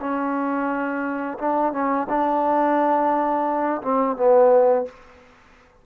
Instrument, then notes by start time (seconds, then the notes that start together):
trombone
0.00 C#4
1.38 D4
1.73 C#4
2.09 D4
3.82 C4
4.17 B3